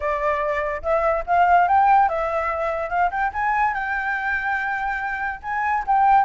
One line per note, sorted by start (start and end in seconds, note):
0.00 0.82 D5
0.82 1.24 E5
1.26 1.68 F5
1.68 2.08 G5
2.08 2.89 E5
2.89 3.10 F5
3.10 3.31 G5
3.33 3.73 G#5
3.73 5.40 G5
5.42 5.84 G#5
5.86 6.24 G5